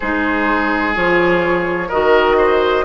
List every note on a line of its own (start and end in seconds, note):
0.00 0.96 G#3
0.00 0.94 D#4
0.00 1.88 G#4
0.00 0.94 C5
0.94 1.91 F3
0.94 1.89 F4
0.94 1.90 C#5
1.88 2.84 D#3
1.88 2.84 F#4
1.88 2.36 A#4
1.88 2.84 D#5
2.37 2.84 C5